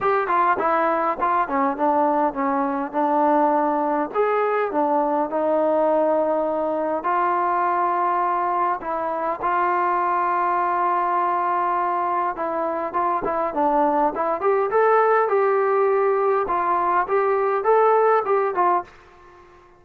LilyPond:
\new Staff \with { instrumentName = "trombone" } { \time 4/4 \tempo 4 = 102 g'8 f'8 e'4 f'8 cis'8 d'4 | cis'4 d'2 gis'4 | d'4 dis'2. | f'2. e'4 |
f'1~ | f'4 e'4 f'8 e'8 d'4 | e'8 g'8 a'4 g'2 | f'4 g'4 a'4 g'8 f'8 | }